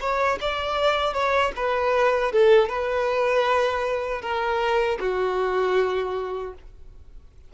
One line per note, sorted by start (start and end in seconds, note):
0.00 0.38 C#5
0.41 1.13 D5
1.13 1.52 C#5
1.56 2.31 B4
2.31 2.69 A4
2.69 4.21 B4
4.21 4.98 A#4
4.99 6.53 F#4